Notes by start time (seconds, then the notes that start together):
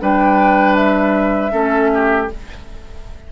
0.00 G3 D4 B4 G5
0.76 E5
1.50 A3 C#4 A4
1.94 G4